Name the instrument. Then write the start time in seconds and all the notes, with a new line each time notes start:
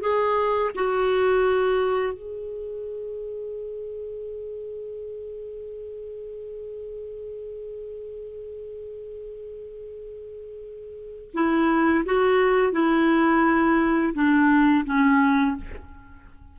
clarinet
0.00 G#4
0.75 F#4
2.13 G#4
11.33 E4
12.05 F#4
12.72 E4
14.14 D4
14.85 C#4